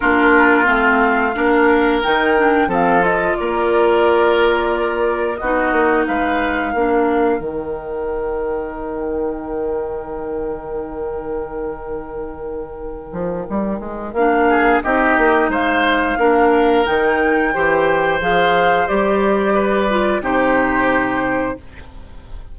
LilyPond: <<
  \new Staff \with { instrumentName = "flute" } { \time 4/4 \tempo 4 = 89 ais'4 f''2 g''4 | f''8 dis''8 d''2. | dis''4 f''2 g''4~ | g''1~ |
g''1~ | g''4 f''4 dis''4 f''4~ | f''4 g''2 f''4 | d''2 c''2 | }
  \new Staff \with { instrumentName = "oboe" } { \time 4/4 f'2 ais'2 | a'4 ais'2. | fis'4 b'4 ais'2~ | ais'1~ |
ais'1~ | ais'4. gis'8 g'4 c''4 | ais'2 c''2~ | c''4 b'4 g'2 | }
  \new Staff \with { instrumentName = "clarinet" } { \time 4/4 d'4 c'4 d'4 dis'8 d'8 | c'8 f'2.~ f'8 | dis'2 d'4 dis'4~ | dis'1~ |
dis'1~ | dis'4 d'4 dis'2 | d'4 dis'4 g'4 gis'4 | g'4. f'8 dis'2 | }
  \new Staff \with { instrumentName = "bassoon" } { \time 4/4 ais4 a4 ais4 dis4 | f4 ais2. | b8 ais8 gis4 ais4 dis4~ | dis1~ |
dis2.~ dis8 f8 | g8 gis8 ais4 c'8 ais8 gis4 | ais4 dis4 e4 f4 | g2 c2 | }
>>